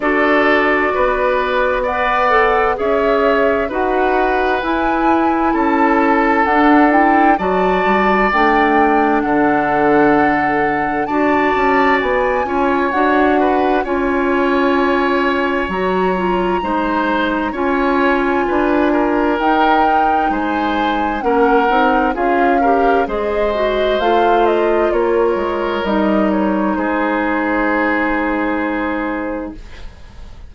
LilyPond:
<<
  \new Staff \with { instrumentName = "flute" } { \time 4/4 \tempo 4 = 65 d''2 fis''4 e''4 | fis''4 gis''4 a''4 fis''8 g''8 | a''4 g''4 fis''2 | a''4 gis''4 fis''4 gis''4~ |
gis''4 ais''2 gis''4~ | gis''4 g''4 gis''4 fis''4 | f''4 dis''4 f''8 dis''8 cis''4 | dis''8 cis''8 c''2. | }
  \new Staff \with { instrumentName = "oboe" } { \time 4/4 a'4 b'4 d''4 cis''4 | b'2 a'2 | d''2 a'2 | d''4. cis''4 b'8 cis''4~ |
cis''2 c''4 cis''4 | b'8 ais'4. c''4 ais'4 | gis'8 ais'8 c''2 ais'4~ | ais'4 gis'2. | }
  \new Staff \with { instrumentName = "clarinet" } { \time 4/4 fis'2 b'8 a'8 gis'4 | fis'4 e'2 d'8 e'8 | fis'4 d'2. | fis'4. f'8 fis'4 f'4~ |
f'4 fis'8 f'8 dis'4 f'4~ | f'4 dis'2 cis'8 dis'8 | f'8 g'8 gis'8 fis'8 f'2 | dis'1 | }
  \new Staff \with { instrumentName = "bassoon" } { \time 4/4 d'4 b2 cis'4 | dis'4 e'4 cis'4 d'4 | fis8 g8 a4 d2 | d'8 cis'8 b8 cis'8 d'4 cis'4~ |
cis'4 fis4 gis4 cis'4 | d'4 dis'4 gis4 ais8 c'8 | cis'4 gis4 a4 ais8 gis8 | g4 gis2. | }
>>